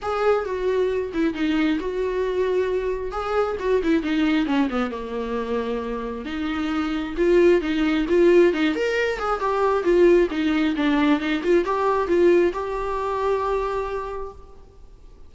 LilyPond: \new Staff \with { instrumentName = "viola" } { \time 4/4 \tempo 4 = 134 gis'4 fis'4. e'8 dis'4 | fis'2. gis'4 | fis'8 e'8 dis'4 cis'8 b8 ais4~ | ais2 dis'2 |
f'4 dis'4 f'4 dis'8 ais'8~ | ais'8 gis'8 g'4 f'4 dis'4 | d'4 dis'8 f'8 g'4 f'4 | g'1 | }